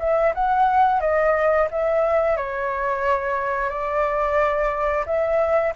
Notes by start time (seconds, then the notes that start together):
0.00 E5
0.35 F#5
1.01 D#5
1.71 E5
2.37 C#5
3.70 D5
5.06 E5